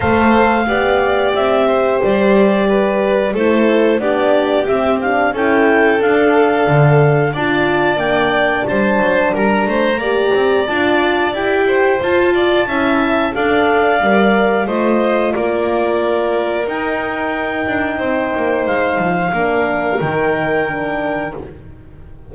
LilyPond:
<<
  \new Staff \with { instrumentName = "clarinet" } { \time 4/4 \tempo 4 = 90 f''2 e''4 d''4~ | d''4 c''4 d''4 e''8 f''8 | g''4 f''2 a''4 | g''4 a''4 ais''2 |
a''4 g''4 a''2 | f''2 dis''4 d''4~ | d''4 g''2. | f''2 g''2 | }
  \new Staff \with { instrumentName = "violin" } { \time 4/4 c''4 d''4. c''4. | b'4 a'4 g'2 | a'2. d''4~ | d''4 c''4 ais'8 c''8 d''4~ |
d''4. c''4 d''8 e''4 | d''2 c''4 ais'4~ | ais'2. c''4~ | c''4 ais'2. | }
  \new Staff \with { instrumentName = "horn" } { \time 4/4 a'4 g'2.~ | g'4 e'4 d'4 c'8 d'8 | e'4 d'2 f'4 | d'2. g'4 |
f'4 g'4 f'4 e'4 | a'4 ais'4 f'2~ | f'4 dis'2.~ | dis'4 d'4 dis'4 d'4 | }
  \new Staff \with { instrumentName = "double bass" } { \time 4/4 a4 b4 c'4 g4~ | g4 a4 b4 c'4 | cis'4 d'4 d4 d'4 | ais4 g8 fis8 g8 a8 ais8 c'8 |
d'4 e'4 f'4 cis'4 | d'4 g4 a4 ais4~ | ais4 dis'4. d'8 c'8 ais8 | gis8 f8 ais4 dis2 | }
>>